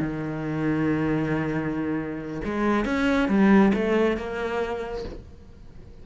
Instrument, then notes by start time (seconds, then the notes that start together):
cello
0.00 D#3
2.44 G#3
2.85 C#4
3.28 G3
3.73 A3
4.16 A#3